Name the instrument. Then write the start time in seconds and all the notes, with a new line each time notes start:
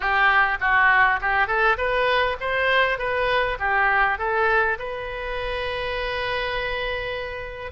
oboe
0.00 G4
0.60 F#4
1.21 G4
1.47 A4
1.77 B4
2.40 C5
2.98 B4
3.59 G4
4.18 A4
4.78 B4